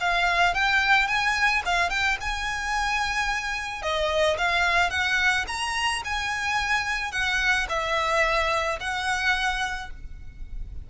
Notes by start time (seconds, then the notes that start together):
0.00 F5
0.54 G5
1.07 G#5
1.65 F5
1.90 G5
2.20 G#5
3.82 D#5
4.37 F5
4.90 F#5
5.47 A#5
6.04 G#5
7.12 F#5
7.69 E5
8.80 F#5